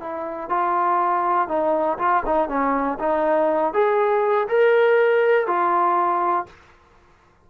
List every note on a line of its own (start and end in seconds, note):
0.00 0.49 E4
0.49 1.48 F4
1.48 1.98 D#4
1.98 2.23 F4
2.26 2.49 D#4
2.49 2.98 C#4
2.99 3.73 D#4
3.73 4.48 G#4
4.48 5.47 A#4
5.47 6.46 F4